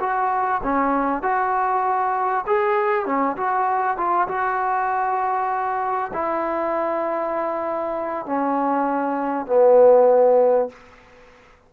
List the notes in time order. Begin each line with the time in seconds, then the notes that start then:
0.00 F#4
0.63 C#4
1.22 F#4
2.47 G#4
3.06 C#4
3.37 F#4
3.97 F4
4.28 F#4
6.13 E4
8.26 C#4
9.47 B3